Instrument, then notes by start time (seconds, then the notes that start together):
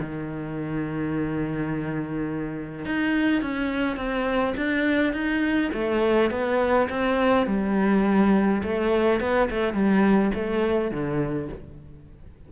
cello
0.00 D#3
2.86 D#4
3.42 C#4
3.97 C4
4.57 D4
5.13 D#4
5.74 A3
6.31 B3
6.90 C4
7.47 G3
8.63 A3
9.20 B3
9.51 A3
9.74 G3
10.35 A3
10.91 D3